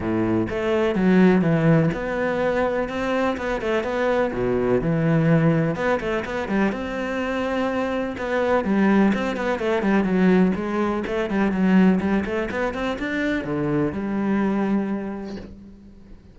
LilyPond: \new Staff \with { instrumentName = "cello" } { \time 4/4 \tempo 4 = 125 a,4 a4 fis4 e4 | b2 c'4 b8 a8 | b4 b,4 e2 | b8 a8 b8 g8 c'2~ |
c'4 b4 g4 c'8 b8 | a8 g8 fis4 gis4 a8 g8 | fis4 g8 a8 b8 c'8 d'4 | d4 g2. | }